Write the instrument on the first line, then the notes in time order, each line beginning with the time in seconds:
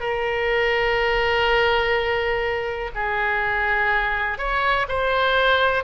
oboe
0.00 A#4
2.95 G#4
4.38 C#5
4.88 C5